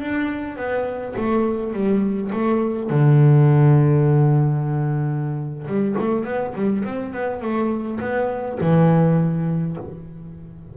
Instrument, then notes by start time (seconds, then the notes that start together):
double bass
0.00 D4
0.56 B3
1.16 A3
1.73 G3
2.33 A3
2.90 D3
5.67 G3
5.99 A3
6.25 B3
6.55 G3
6.84 C4
7.13 B3
7.42 A3
8.01 B3
8.61 E3